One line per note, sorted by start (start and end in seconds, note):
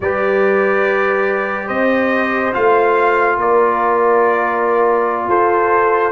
0.00 1.68 G3
0.00 2.53 G4
0.00 1.66 B4
0.00 1.68 D5
1.66 2.53 C4
1.66 3.35 C5
1.66 2.52 D#5
2.53 3.37 A3
2.53 6.12 F4
2.53 3.38 F5
3.37 5.27 A#3
3.37 5.28 A#4
3.37 5.29 D5
5.28 6.12 F4
5.28 6.12 A4
5.28 6.12 C5